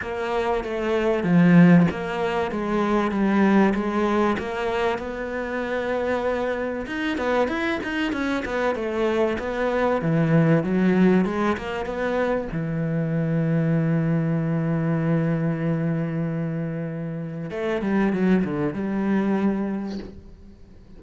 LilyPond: \new Staff \with { instrumentName = "cello" } { \time 4/4 \tempo 4 = 96 ais4 a4 f4 ais4 | gis4 g4 gis4 ais4 | b2. dis'8 b8 | e'8 dis'8 cis'8 b8 a4 b4 |
e4 fis4 gis8 ais8 b4 | e1~ | e1 | a8 g8 fis8 d8 g2 | }